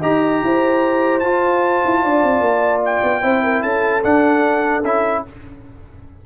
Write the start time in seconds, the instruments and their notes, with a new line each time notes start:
0.00 tuba D#4, trombone G4, horn D#5, trumpet A#5
0.43 tuba E4, horn C5
1.19 tuba F4, trombone F4, trumpet A5
1.85 tuba E4
2.03 tuba D4, horn D5
2.23 tuba C4
2.40 tuba A#3
2.85 trumpet G5
3.03 tuba B3
3.22 tuba C4, trombone E4, horn C5
3.43 horn A#4
3.62 tuba C#4, horn A4, trumpet A5
4.03 trombone D4, tuba D4, trumpet F#5
4.82 tuba C#4, trombone E4, trumpet E5